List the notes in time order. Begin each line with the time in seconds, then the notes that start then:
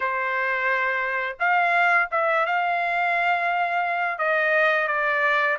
0.00 C5
1.39 F5
2.11 E5
2.45 F5
4.18 D#5
4.87 D5